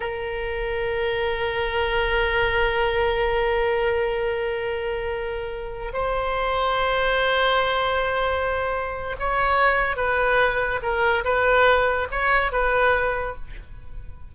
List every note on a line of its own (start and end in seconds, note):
0.00 5.92 A#4
5.93 9.16 C5
9.19 9.96 C#5
9.96 10.79 B4
10.82 11.24 A#4
11.24 12.07 B4
12.11 12.52 C#5
12.52 13.35 B4